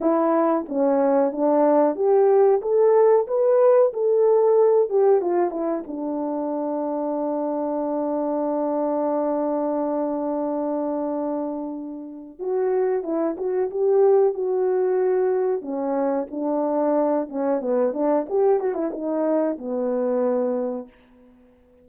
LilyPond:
\new Staff \with { instrumentName = "horn" } { \time 4/4 \tempo 4 = 92 e'4 cis'4 d'4 g'4 | a'4 b'4 a'4. g'8 | f'8 e'8 d'2.~ | d'1~ |
d'2. fis'4 | e'8 fis'8 g'4 fis'2 | cis'4 d'4. cis'8 b8 d'8 | g'8 fis'16 e'16 dis'4 b2 | }